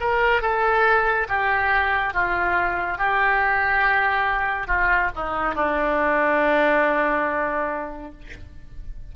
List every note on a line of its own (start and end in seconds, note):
0.00 0.42 A#4
0.42 1.27 A4
1.28 2.14 G4
2.14 2.98 F4
2.98 4.67 G4
4.67 5.10 F4
5.15 5.54 D#4
5.54 8.12 D4